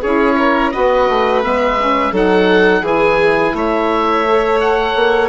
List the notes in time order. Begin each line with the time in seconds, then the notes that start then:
0.00 C#4 E4 G#4 C#5
0.38 A#4
0.71 B3 F#4 B4 D#5
1.09 A3
1.42 G#3 B3 E5
1.79 C#4
2.11 F#3 D#4 A4 F#5
2.81 E3 E4 G#4 G#5
3.53 A3 C#5 E5
4.27 A4
4.60 F#5
4.95 A#3